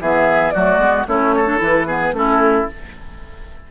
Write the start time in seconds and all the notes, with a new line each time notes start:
0.00 E3 B3 G#4 E5
0.50 F#3 A3 F#4 D5
0.78 G#3 B3
1.07 A3 C#4 E4 C#5
1.36 A4
1.44 D4
1.57 E3 E4 B4
1.87 B3 G#4
2.12 A3 C#4 E4 A4